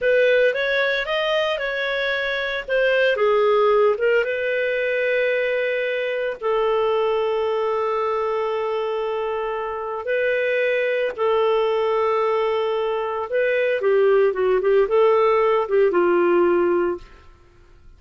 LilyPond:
\new Staff \with { instrumentName = "clarinet" } { \time 4/4 \tempo 4 = 113 b'4 cis''4 dis''4 cis''4~ | cis''4 c''4 gis'4. ais'8 | b'1 | a'1~ |
a'2. b'4~ | b'4 a'2.~ | a'4 b'4 g'4 fis'8 g'8 | a'4. g'8 f'2 | }